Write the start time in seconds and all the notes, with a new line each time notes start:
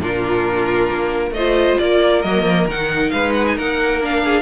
0.00 A#2 D4 F4 A#4
0.91 A#3
1.31 A3 C5 D#5
1.38 F4
1.78 A#3 A#4 D5
2.22 F#3 A#3 D#5
2.42 F3
2.66 D#3 D#4 F#5
3.10 G#3 B4 F5
3.34 F#5
3.47 G#5
3.55 A#3 A#4 F#5
4.02 D4 F5
4.24 G#4